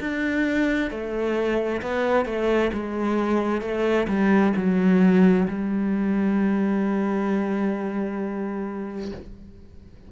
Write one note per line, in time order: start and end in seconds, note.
0.00 0.90 D4
0.90 1.81 A3
1.81 2.25 B3
2.25 2.71 A3
2.73 3.61 G#3
3.61 4.07 A3
4.07 4.53 G3
4.56 5.47 F#3
5.48 9.11 G3